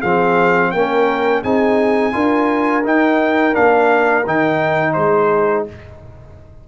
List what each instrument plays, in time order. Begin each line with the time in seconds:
0.00 tuba F3, trombone C4, horn G#4, trumpet F5
0.72 tuba A#3, trombone C#4, horn A#4, trumpet G5
1.44 tuba C4, trombone D#4, horn G#4, trumpet G#5
2.13 tuba D4, trombone F4, horn A#4
2.84 trombone D#4, tuba D#4, trumpet G5
3.54 tuba A#3, trombone D4, trumpet F5
4.26 tuba D#3, trombone D#4, trumpet G5
4.94 tuba G#3, horn G#4, trumpet C5